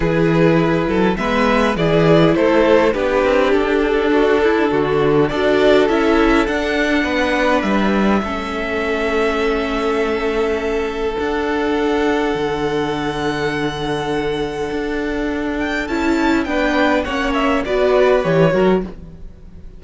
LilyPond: <<
  \new Staff \with { instrumentName = "violin" } { \time 4/4 \tempo 4 = 102 b'2 e''4 d''4 | c''4 b'4 a'2~ | a'4 d''4 e''4 fis''4~ | fis''4 e''2.~ |
e''2. fis''4~ | fis''1~ | fis''2~ fis''8 g''8 a''4 | g''4 fis''8 e''8 d''4 cis''4 | }
  \new Staff \with { instrumentName = "violin" } { \time 4/4 gis'4. a'8 b'4 gis'4 | a'4 g'2 fis'8 e'8 | fis'4 a'2. | b'2 a'2~ |
a'1~ | a'1~ | a'1 | b'4 cis''4 b'4. ais'8 | }
  \new Staff \with { instrumentName = "viola" } { \time 4/4 e'2 b4 e'4~ | e'4 d'2.~ | d'4 fis'4 e'4 d'4~ | d'2 cis'2~ |
cis'2. d'4~ | d'1~ | d'2. e'4 | d'4 cis'4 fis'4 g'8 fis'8 | }
  \new Staff \with { instrumentName = "cello" } { \time 4/4 e4. fis8 gis4 e4 | a4 b8 c'8 d'2 | d4 d'4 cis'4 d'4 | b4 g4 a2~ |
a2. d'4~ | d'4 d2.~ | d4 d'2 cis'4 | b4 ais4 b4 e8 fis8 | }
>>